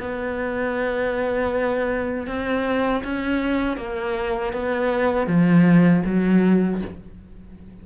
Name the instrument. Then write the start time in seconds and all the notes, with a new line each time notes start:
cello
0.00 B3
2.27 C4
3.04 C#4
3.77 A#3
4.53 B3
5.27 F3
6.06 F#3